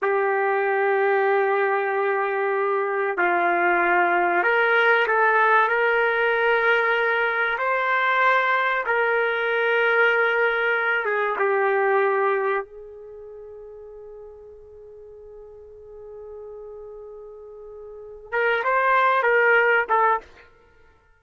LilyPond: \new Staff \with { instrumentName = "trumpet" } { \time 4/4 \tempo 4 = 95 g'1~ | g'4 f'2 ais'4 | a'4 ais'2. | c''2 ais'2~ |
ais'4. gis'8 g'2 | gis'1~ | gis'1~ | gis'4 ais'8 c''4 ais'4 a'8 | }